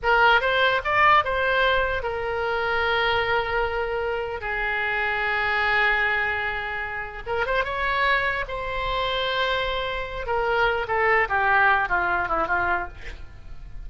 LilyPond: \new Staff \with { instrumentName = "oboe" } { \time 4/4 \tempo 4 = 149 ais'4 c''4 d''4 c''4~ | c''4 ais'2.~ | ais'2. gis'4~ | gis'1~ |
gis'2 ais'8 c''8 cis''4~ | cis''4 c''2.~ | c''4. ais'4. a'4 | g'4. f'4 e'8 f'4 | }